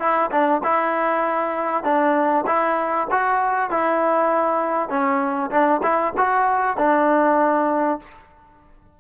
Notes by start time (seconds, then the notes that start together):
0.00 E4
0.31 D4
0.64 E4
1.84 D4
2.47 E4
3.11 F#4
3.71 E4
4.90 C#4
5.51 D4
5.83 E4
6.18 F#4
6.77 D4